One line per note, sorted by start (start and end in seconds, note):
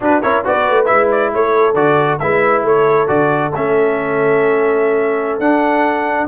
0.00 0.22 D4
0.00 0.22 F#4
0.00 0.22 B4
0.22 0.46 C#4
0.22 0.44 E4
0.22 0.44 A#4
0.22 0.44 C#5
0.44 0.69 B3
0.44 0.85 F#4
0.44 1.33 B4
0.44 0.85 D5
0.69 0.90 A3
0.85 1.34 G#3
0.85 1.74 E4
0.85 1.07 E5
1.11 1.33 D5
1.34 1.74 A3
1.34 2.21 A4
1.34 1.74 C#5
1.74 2.18 D3
1.74 2.19 F#4
1.74 2.18 D5
2.19 2.62 G#3
2.19 3.07 E4
2.19 2.65 B4
2.19 2.63 E5
2.62 3.07 A3
2.62 6.27 A4
2.62 3.08 C#5
3.07 3.53 D3
3.07 3.51 F#4
3.07 3.52 D5
3.54 5.39 A3
3.54 5.41 C#4
3.54 5.39 E5
5.39 6.27 D4
5.39 6.27 F#5